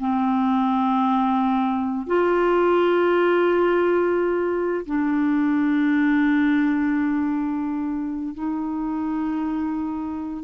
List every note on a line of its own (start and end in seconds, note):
0.00 2.07 C4
2.07 4.86 F4
4.86 8.34 D4
8.34 10.44 D#4